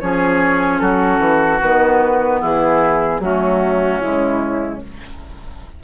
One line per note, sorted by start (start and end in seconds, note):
0.00 0.80 F3
0.00 1.61 C#4
0.00 0.81 G#4
0.00 0.79 C#5
0.79 1.19 F#3
0.79 2.40 F#4
0.79 1.59 A4
1.19 1.59 E3
1.61 2.42 D#3
1.61 3.21 B3
1.61 2.41 B4
2.40 3.19 E3
2.40 3.20 E4
2.40 3.21 G#4
3.19 3.99 F#3
3.19 4.01 A3
3.19 4.83 C#4
3.19 4.00 F#4
4.00 4.81 C#3
4.00 4.81 G#3
4.00 4.80 E4